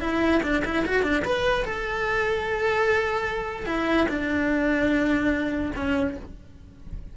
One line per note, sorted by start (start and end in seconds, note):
0.00 0.41 E4
0.42 0.63 D4
0.64 0.85 E4
0.85 1.03 F#4
1.03 1.23 D4
1.24 1.64 B4
1.64 3.66 A4
3.66 4.06 E4
4.08 5.72 D4
5.75 6.16 C#4